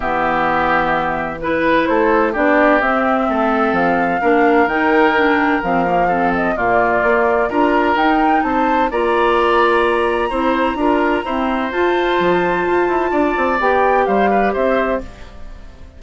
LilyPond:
<<
  \new Staff \with { instrumentName = "flute" } { \time 4/4 \tempo 4 = 128 e''2. b'4 | c''4 d''4 e''2 | f''2 g''2 | f''4. dis''8 d''2 |
ais''4 g''4 a''4 ais''4~ | ais''1~ | ais''4 a''2.~ | a''4 g''4 f''4 e''4 | }
  \new Staff \with { instrumentName = "oboe" } { \time 4/4 g'2. b'4 | a'4 g'2 a'4~ | a'4 ais'2.~ | ais'4 a'4 f'2 |
ais'2 c''4 d''4~ | d''2 c''4 ais'4 | c''1 | d''2 c''8 b'8 c''4 | }
  \new Staff \with { instrumentName = "clarinet" } { \time 4/4 b2. e'4~ | e'4 d'4 c'2~ | c'4 d'4 dis'4 d'4 | c'8 ais8 c'4 ais2 |
f'4 dis'2 f'4~ | f'2 e'4 f'4 | c'4 f'2.~ | f'4 g'2. | }
  \new Staff \with { instrumentName = "bassoon" } { \time 4/4 e1 | a4 b4 c'4 a4 | f4 ais4 dis2 | f2 ais,4 ais4 |
d'4 dis'4 c'4 ais4~ | ais2 c'4 d'4 | e'4 f'4 f4 f'8 e'8 | d'8 c'8 b4 g4 c'4 | }
>>